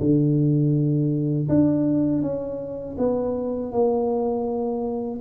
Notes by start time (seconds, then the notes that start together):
0.00 D3
1.49 D4
2.22 C#4
2.98 B3
3.72 A#3